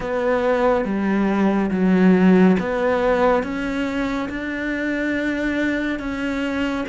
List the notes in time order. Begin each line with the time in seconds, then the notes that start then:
0.00 B3
0.84 G3
1.71 F#3
2.59 B3
3.43 C#4
4.29 D4
5.99 C#4